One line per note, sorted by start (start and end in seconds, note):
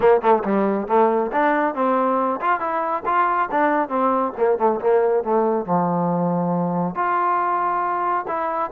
0.00 0.21 A#3
0.21 0.43 A3
0.44 0.87 G3
0.87 1.31 A3
1.32 1.75 D4
1.75 2.40 C4
2.41 2.59 F4
2.59 3.03 E4
3.05 3.49 F4
3.51 3.89 D4
3.89 4.32 C4
4.37 4.58 A#3
4.58 4.79 A3
4.80 5.23 A#3
5.23 5.65 A3
5.65 6.95 F3
6.95 8.25 F4
8.27 8.71 E4